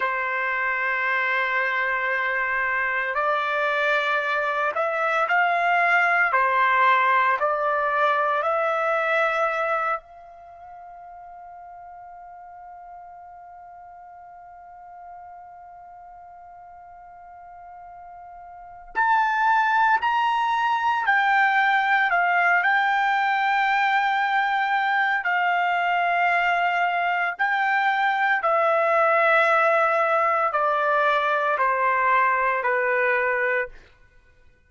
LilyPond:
\new Staff \with { instrumentName = "trumpet" } { \time 4/4 \tempo 4 = 57 c''2. d''4~ | d''8 e''8 f''4 c''4 d''4 | e''4. f''2~ f''8~ | f''1~ |
f''2 a''4 ais''4 | g''4 f''8 g''2~ g''8 | f''2 g''4 e''4~ | e''4 d''4 c''4 b'4 | }